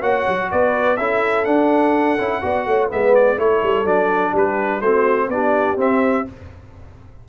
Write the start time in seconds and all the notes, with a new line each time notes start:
0.00 A#3 F#4 C#5 F#5
0.28 F#3
0.51 B3 B4 D5
0.97 C#4 E4 A4 E5
1.45 D4 F#5
2.18 C#4 E4
2.42 B3 F#4 D5
2.66 A3 C#5
2.88 G#3 B3 B4 E5
3.15 D5
3.38 A3 E4 A4 C#5
3.63 G3
3.85 F#3 D4 D5
4.32 G3 G4 B4
4.81 A3 C4 F#4 C5
5.28 B3 D4 G4 D5
5.77 C4 E5